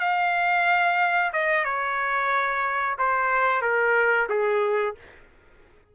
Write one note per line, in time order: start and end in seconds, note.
0.00 1.32 F5
1.33 1.65 D#5
1.65 2.96 C#5
2.99 3.62 C5
3.62 4.28 A#4
4.29 4.95 G#4